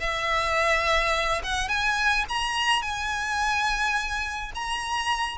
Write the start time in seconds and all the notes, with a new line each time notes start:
0.00 E5
1.44 F#5
1.68 G#5
2.29 A#5
2.82 G#5
4.55 A#5